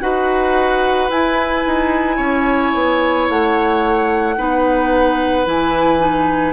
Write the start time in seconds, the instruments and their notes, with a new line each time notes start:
0.00 bassoon D#4, clarinet F#4, oboe B4, flute F#5
1.09 bassoon E4, clarinet E4, flute G#5
1.66 bassoon D#4
2.16 bassoon C#4, oboe C#5
2.74 bassoon B3
3.29 bassoon A3, flute F#5
4.37 bassoon B3, clarinet D#4, oboe B4
5.45 bassoon E3, clarinet E4, flute G#5
5.99 clarinet D#4